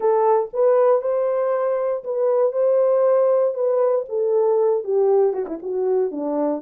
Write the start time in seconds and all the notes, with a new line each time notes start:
0.00 A4
0.53 B4
1.01 C5
2.03 B4
2.52 C5
3.54 B4
4.09 A4
4.84 G4
5.33 F#4
5.46 E4
5.62 F#4
6.11 D4